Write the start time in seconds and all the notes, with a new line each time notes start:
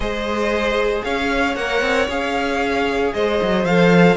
0.00 G#3 G#4 C5 D#5
1.04 C#4 C#5 F5
1.55 A#3 A#4 F#5
1.81 C4
2.07 C#4 G#4 F5
3.13 G#3 C5 D#5
3.41 F#3
3.64 F3 A4 F5